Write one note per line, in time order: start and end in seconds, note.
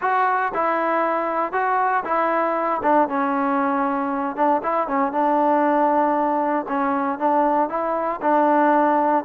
0.01 0.52 F#4
0.54 1.52 E4
1.52 2.03 F#4
2.04 2.81 E4
2.82 3.08 D4
3.08 4.36 C#4
4.36 4.61 D4
4.62 4.87 E4
4.87 5.12 C#4
5.12 6.65 D4
6.68 7.18 C#4
7.18 7.69 D4
7.69 8.20 E4
8.21 9.24 D4